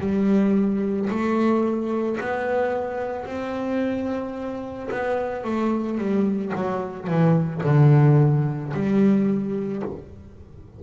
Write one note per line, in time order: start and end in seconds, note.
0.00 1.09 G3
1.10 2.19 A3
2.21 3.27 B3
3.27 4.90 C4
4.91 5.44 B3
5.44 5.99 A3
5.99 6.53 G3
6.56 7.08 F#3
7.08 7.62 E3
7.64 8.73 D3
8.74 9.83 G3